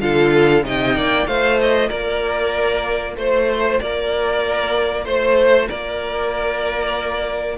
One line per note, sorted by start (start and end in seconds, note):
0.00 0.63 D3
0.00 0.63 F4
0.00 0.65 A4
0.00 0.64 F5
0.63 0.95 C3
0.63 1.26 D#4
0.63 0.96 D#5
0.63 1.27 G5
0.95 1.26 A#3
0.95 1.27 D5
1.26 1.90 A3
1.26 7.57 F4
1.26 1.87 C5
1.26 1.59 F5
1.61 1.89 D#5
1.87 3.16 A#3
1.87 3.14 A#4
1.87 3.15 D5
3.16 3.79 A3
3.16 3.80 C5
3.16 3.82 C5
3.80 5.05 A#3
3.80 5.04 A#4
3.80 5.05 D5
5.04 5.69 A3
5.04 5.68 C5
5.68 7.57 A#3
5.68 7.57 A#4
5.68 7.57 D5